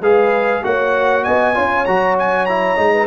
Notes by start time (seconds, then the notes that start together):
0.00 G#3 G#4 B4 F5
0.63 A#3 F#4 C#5 F#5
1.24 B3 D#5 G#5
1.54 C#4 F4 C#5
1.85 F#3 F#4 A#5
2.18 G#5
2.45 E4 A#5
2.75 G#3 D#4
2.93 B4